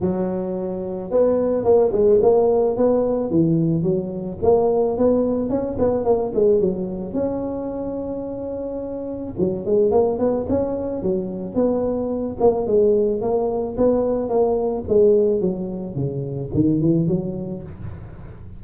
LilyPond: \new Staff \with { instrumentName = "tuba" } { \time 4/4 \tempo 4 = 109 fis2 b4 ais8 gis8 | ais4 b4 e4 fis4 | ais4 b4 cis'8 b8 ais8 gis8 | fis4 cis'2.~ |
cis'4 fis8 gis8 ais8 b8 cis'4 | fis4 b4. ais8 gis4 | ais4 b4 ais4 gis4 | fis4 cis4 dis8 e8 fis4 | }